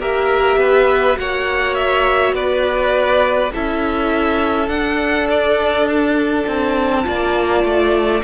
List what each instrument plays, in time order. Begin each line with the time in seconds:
0.00 cello A#3, viola G4, violin A#4 E5
0.57 cello B3, violin B4
1.14 cello A#3, viola F#4, violin C#5 F#5
1.75 violin E5
2.33 cello B3, violin B4 D5
3.53 cello C#4, viola E4, violin A4 E5
4.68 viola D4, cello D4, violin F#5
5.30 violin D5
5.88 violin A5
6.47 cello C4
7.04 cello A#3, viola F4, violin D5
7.64 cello A3